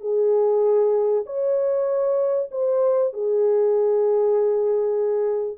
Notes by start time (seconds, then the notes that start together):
0.00 G#4
1.26 C#5
2.51 C5
3.13 G#4